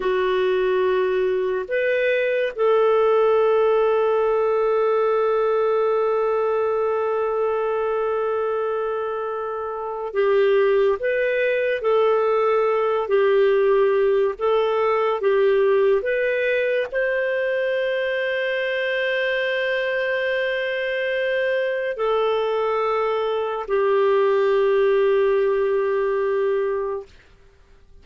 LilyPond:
\new Staff \with { instrumentName = "clarinet" } { \time 4/4 \tempo 4 = 71 fis'2 b'4 a'4~ | a'1~ | a'1 | g'4 b'4 a'4. g'8~ |
g'4 a'4 g'4 b'4 | c''1~ | c''2 a'2 | g'1 | }